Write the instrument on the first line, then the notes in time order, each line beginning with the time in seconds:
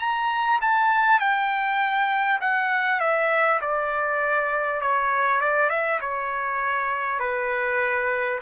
trumpet
0.00 A#5
0.62 A5
1.20 G5
2.41 F#5
3.01 E5
3.61 D5
4.82 C#5
5.41 D5
5.69 E5
6.01 C#5
7.19 B4